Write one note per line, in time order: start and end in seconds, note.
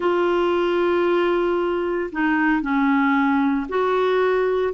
0.00 2.10 F4
2.12 2.61 D#4
2.61 3.67 C#4
3.68 4.74 F#4